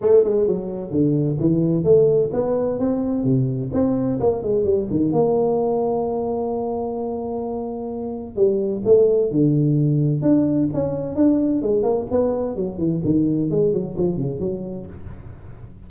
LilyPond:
\new Staff \with { instrumentName = "tuba" } { \time 4/4 \tempo 4 = 129 a8 gis8 fis4 d4 e4 | a4 b4 c'4 c4 | c'4 ais8 gis8 g8 dis8 ais4~ | ais1~ |
ais2 g4 a4 | d2 d'4 cis'4 | d'4 gis8 ais8 b4 fis8 e8 | dis4 gis8 fis8 f8 cis8 fis4 | }